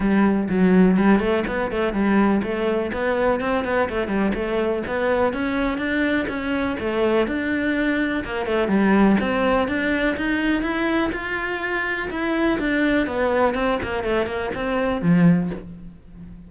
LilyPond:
\new Staff \with { instrumentName = "cello" } { \time 4/4 \tempo 4 = 124 g4 fis4 g8 a8 b8 a8 | g4 a4 b4 c'8 b8 | a8 g8 a4 b4 cis'4 | d'4 cis'4 a4 d'4~ |
d'4 ais8 a8 g4 c'4 | d'4 dis'4 e'4 f'4~ | f'4 e'4 d'4 b4 | c'8 ais8 a8 ais8 c'4 f4 | }